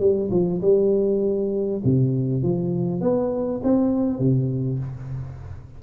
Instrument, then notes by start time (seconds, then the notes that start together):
tuba
0.00 G3
0.31 F3
0.62 G3
1.84 C3
2.43 F3
3.01 B3
3.64 C4
4.19 C3